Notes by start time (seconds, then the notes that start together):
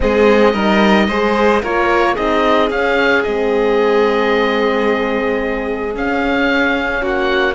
0.00 G#3 C4 G#4 D#5
0.52 G3 D#4 A#4
1.08 G#3 G#4 C5
1.62 A#3 F4 A#4 C#5
2.14 C4 D#4 G#4 D#5
2.69 C#4 F5
3.23 G#3 C4 D#5
5.93 C#4 F5
7.01 A#3 F#4 F#5